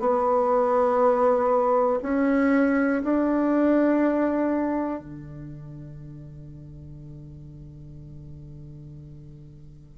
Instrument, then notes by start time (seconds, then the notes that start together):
bassoon
0.00 B3
2.03 C#4
3.04 D4
5.00 D3